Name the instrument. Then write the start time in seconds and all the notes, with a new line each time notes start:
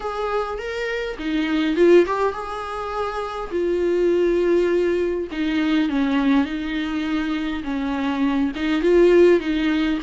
viola
0.00 G#4
0.58 A#4
1.18 D#4
1.76 F4
2.06 G4
2.32 G#4
3.51 F4
5.31 D#4
5.89 C#4
6.45 D#4
7.63 C#4
8.55 D#4
8.82 F4
9.40 D#4